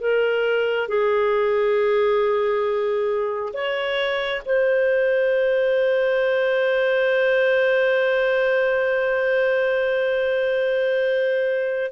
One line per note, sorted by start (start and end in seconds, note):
0.00 0.88 A#4
0.88 3.53 G#4
3.54 4.42 C#5
4.46 11.92 C5